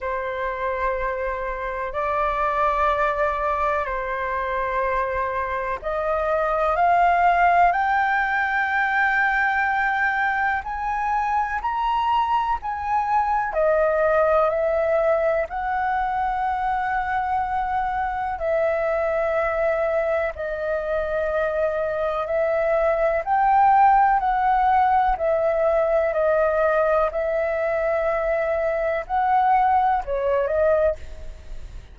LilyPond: \new Staff \with { instrumentName = "flute" } { \time 4/4 \tempo 4 = 62 c''2 d''2 | c''2 dis''4 f''4 | g''2. gis''4 | ais''4 gis''4 dis''4 e''4 |
fis''2. e''4~ | e''4 dis''2 e''4 | g''4 fis''4 e''4 dis''4 | e''2 fis''4 cis''8 dis''8 | }